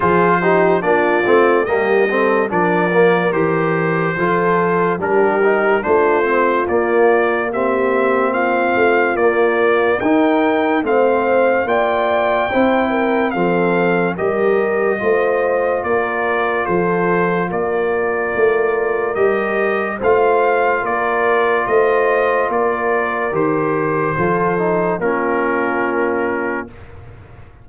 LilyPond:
<<
  \new Staff \with { instrumentName = "trumpet" } { \time 4/4 \tempo 4 = 72 c''4 d''4 dis''4 d''4 | c''2 ais'4 c''4 | d''4 e''4 f''4 d''4 | g''4 f''4 g''2 |
f''4 dis''2 d''4 | c''4 d''2 dis''4 | f''4 d''4 dis''4 d''4 | c''2 ais'2 | }
  \new Staff \with { instrumentName = "horn" } { \time 4/4 gis'8 g'8 f'4 g'8 a'8 ais'4~ | ais'4 a'4 g'4 f'4~ | f'4 g'4 f'2 | ais'4 c''4 d''4 c''8 ais'8 |
a'4 ais'4 c''4 ais'4 | a'4 ais'2. | c''4 ais'4 c''4 ais'4~ | ais'4 a'4 f'2 | }
  \new Staff \with { instrumentName = "trombone" } { \time 4/4 f'8 dis'8 d'8 c'8 ais8 c'8 d'8 ais8 | g'4 f'4 d'8 dis'8 d'8 c'8 | ais4 c'2 ais4 | dis'4 c'4 f'4 e'4 |
c'4 g'4 f'2~ | f'2. g'4 | f'1 | g'4 f'8 dis'8 cis'2 | }
  \new Staff \with { instrumentName = "tuba" } { \time 4/4 f4 ais8 a8 g4 f4 | e4 f4 g4 a4 | ais2~ ais8 a8 ais4 | dis'4 a4 ais4 c'4 |
f4 g4 a4 ais4 | f4 ais4 a4 g4 | a4 ais4 a4 ais4 | dis4 f4 ais2 | }
>>